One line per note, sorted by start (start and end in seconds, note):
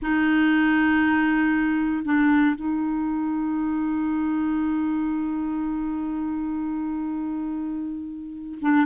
0.01 2.05 D#4
2.05 2.55 D4
2.55 8.58 D#4
8.61 8.86 D4